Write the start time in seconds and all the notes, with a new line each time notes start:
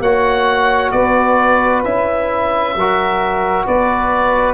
0.00 A#3 F#4 C#5 F#5
0.91 B3 B4 D5
1.84 C#4 E4 E5
2.75 F#3 F#4 A#4
3.65 B3 B4 D5